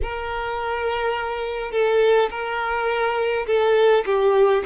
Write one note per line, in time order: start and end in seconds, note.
0.02 1.71 A#4
1.71 2.29 A4
2.30 3.46 A#4
3.46 4.04 A4
4.05 4.63 G4